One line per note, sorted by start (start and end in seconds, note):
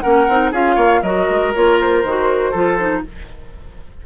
0.00 0.28 A#3
0.00 0.27 C#4
0.00 0.51 A#4
0.00 0.50 F#5
0.28 0.52 C4
0.28 0.53 D#4
0.51 0.76 C#4
0.51 1.03 F4
0.51 0.75 G#4
0.51 1.02 F5
0.75 1.01 A#3
0.75 1.00 C#5
1.02 1.27 F#3
1.02 1.54 F#4
1.02 2.51 A#4
1.02 1.52 D#5
1.29 1.54 G#3
1.54 2.04 A#3
1.54 2.04 F4
1.54 1.79 C#5
1.81 3.06 C5
2.04 2.54 D#3
2.04 2.54 F#4
2.51 3.04 F3
2.51 2.78 F4
2.51 3.01 A4
2.78 3.03 D#4